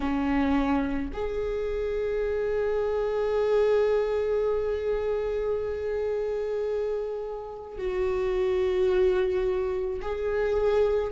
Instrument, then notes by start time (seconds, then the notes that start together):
viola
0.00 C#4
1.13 G#4
7.78 F#4
10.01 G#4